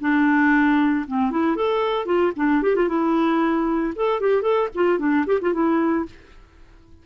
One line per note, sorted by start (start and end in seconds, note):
0.00 1.05 D4
1.07 1.31 C4
1.31 1.56 E4
1.56 2.05 A4
2.05 2.32 F4
2.36 2.62 D4
2.62 2.75 G4
2.75 2.88 F4
2.88 3.94 E4
3.95 4.20 A4
4.20 4.42 G4
4.42 4.68 A4
4.74 4.98 F4
4.98 5.25 D4
5.26 5.39 G4
5.41 5.53 F4
5.53 6.06 E4